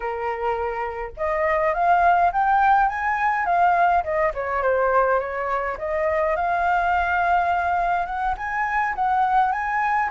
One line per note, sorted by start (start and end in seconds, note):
0.00 1.11 A#4
1.16 1.74 D#5
1.74 2.31 F5
2.32 2.88 G5
2.88 3.45 G#5
3.45 4.03 F5
4.03 4.32 D#5
4.34 4.62 C#5
4.62 5.19 C5
5.19 5.77 C#5
5.78 6.35 D#5
6.36 8.05 F5
8.05 8.34 F#5
8.37 8.94 G#5
8.95 9.51 F#5
9.51 10.09 G#5